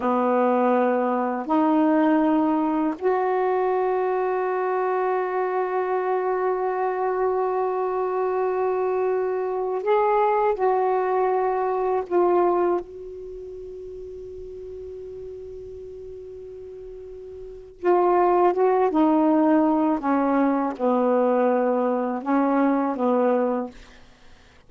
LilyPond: \new Staff \with { instrumentName = "saxophone" } { \time 4/4 \tempo 4 = 81 b2 dis'2 | fis'1~ | fis'1~ | fis'4~ fis'16 gis'4 fis'4.~ fis'16~ |
fis'16 f'4 fis'2~ fis'8.~ | fis'1 | f'4 fis'8 dis'4. cis'4 | b2 cis'4 b4 | }